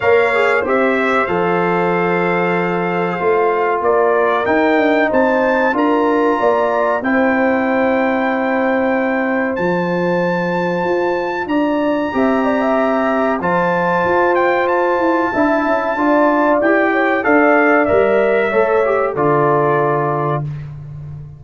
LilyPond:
<<
  \new Staff \with { instrumentName = "trumpet" } { \time 4/4 \tempo 4 = 94 f''4 e''4 f''2~ | f''2 d''4 g''4 | a''4 ais''2 g''4~ | g''2. a''4~ |
a''2 ais''2~ | ais''4 a''4. g''8 a''4~ | a''2 g''4 f''4 | e''2 d''2 | }
  \new Staff \with { instrumentName = "horn" } { \time 4/4 cis''4 c''2.~ | c''2 ais'2 | c''4 ais'4 d''4 c''4~ | c''1~ |
c''2 d''4 e''8 d''16 e''16~ | e''4 c''2. | e''4 d''4. cis''8 d''4~ | d''4 cis''4 a'2 | }
  \new Staff \with { instrumentName = "trombone" } { \time 4/4 ais'8 gis'8 g'4 a'2~ | a'4 f'2 dis'4~ | dis'4 f'2 e'4~ | e'2. f'4~ |
f'2. g'4~ | g'4 f'2. | e'4 f'4 g'4 a'4 | ais'4 a'8 g'8 f'2 | }
  \new Staff \with { instrumentName = "tuba" } { \time 4/4 ais4 c'4 f2~ | f4 a4 ais4 dis'8 d'8 | c'4 d'4 ais4 c'4~ | c'2. f4~ |
f4 f'4 d'4 c'4~ | c'4 f4 f'4. e'8 | d'8 cis'8 d'4 e'4 d'4 | g4 a4 d2 | }
>>